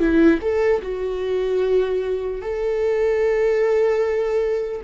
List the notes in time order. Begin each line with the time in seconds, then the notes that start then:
0.00 E4
0.42 A4
0.83 F#4
2.42 A4